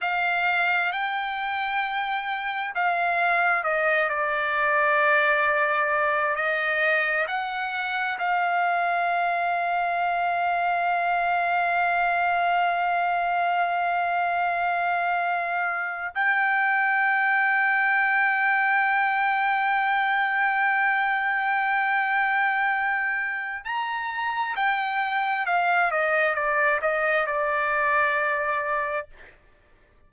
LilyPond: \new Staff \with { instrumentName = "trumpet" } { \time 4/4 \tempo 4 = 66 f''4 g''2 f''4 | dis''8 d''2~ d''8 dis''4 | fis''4 f''2.~ | f''1~ |
f''4.~ f''16 g''2~ g''16~ | g''1~ | g''2 ais''4 g''4 | f''8 dis''8 d''8 dis''8 d''2 | }